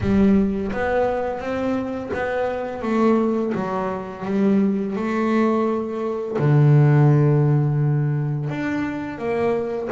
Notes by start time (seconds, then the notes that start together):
0.00 G3
0.72 B3
1.39 C4
2.13 B3
2.82 A3
3.55 F#3
4.25 G3
4.95 A3
6.39 D3
8.49 D4
9.18 A#3